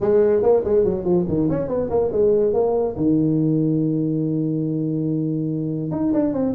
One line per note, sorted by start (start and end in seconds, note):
0.00 0.42 G#3
0.42 0.63 A#3
0.64 0.84 G#3
0.84 1.04 F#3
1.04 1.25 F3
1.28 1.49 D#3
1.49 1.68 C#4
1.68 1.89 B3
1.90 2.11 A#3
2.12 2.53 G#3
2.53 2.95 A#3
2.96 5.91 D#3
5.91 6.12 D#4
6.13 6.33 D4
6.33 6.54 C4